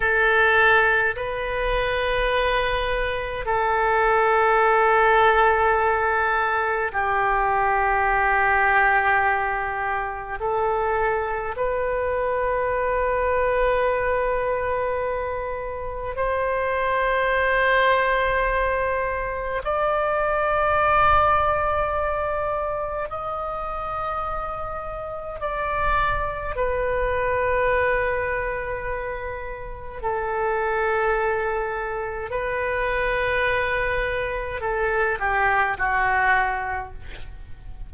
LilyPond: \new Staff \with { instrumentName = "oboe" } { \time 4/4 \tempo 4 = 52 a'4 b'2 a'4~ | a'2 g'2~ | g'4 a'4 b'2~ | b'2 c''2~ |
c''4 d''2. | dis''2 d''4 b'4~ | b'2 a'2 | b'2 a'8 g'8 fis'4 | }